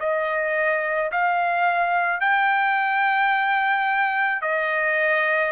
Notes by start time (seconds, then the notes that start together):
0.00 D#5
1.12 F5
2.21 G5
4.42 D#5